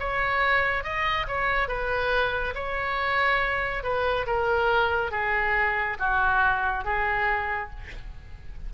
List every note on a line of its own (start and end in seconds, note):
0.00 0.84 C#5
0.84 1.27 D#5
1.28 1.68 C#5
1.68 2.54 B4
2.55 3.83 C#5
3.83 4.26 B4
4.27 5.12 A#4
5.12 5.97 G#4
5.99 6.85 F#4
6.85 7.70 G#4